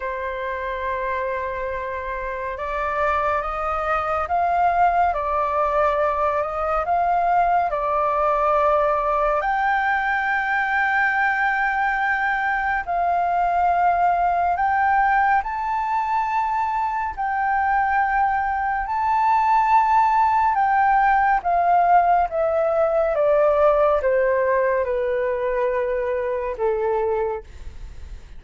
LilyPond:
\new Staff \with { instrumentName = "flute" } { \time 4/4 \tempo 4 = 70 c''2. d''4 | dis''4 f''4 d''4. dis''8 | f''4 d''2 g''4~ | g''2. f''4~ |
f''4 g''4 a''2 | g''2 a''2 | g''4 f''4 e''4 d''4 | c''4 b'2 a'4 | }